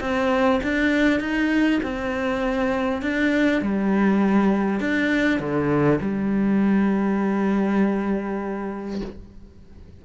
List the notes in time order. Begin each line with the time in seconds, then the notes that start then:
0.00 C4
0.63 D4
1.20 D#4
1.82 C4
3.02 D4
3.61 G3
4.80 D4
5.39 D3
6.01 G3